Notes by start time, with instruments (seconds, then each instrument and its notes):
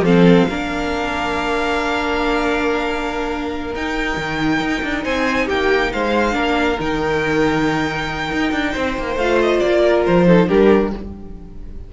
0.00 cello F3, viola C4, violin A4 F5
0.48 cello A#3, viola D4, violin A#4
3.74 cello D#4, viola D#4, violin G5
4.16 cello D#3
4.60 cello D#4
4.82 cello D4
5.03 cello C4, violin C5 G#5
5.45 cello A#3, violin G4 G5
5.92 cello G#3, violin C5 F5
6.32 cello A#3, viola D4, violin A#4
6.79 cello D#3, viola D#4, violin G5
8.31 cello D#4
8.51 cello D4
8.71 cello C4, violin C5
8.98 cello A#3
9.16 cello A3, viola F4, violin F5
9.41 violin D#5
9.59 cello A#3, violin D5
9.83 violin A#4
10.05 cello F3, violin C5
10.27 viola D#4, violin A4
10.47 cello G3, viola D4, violin G4 A#4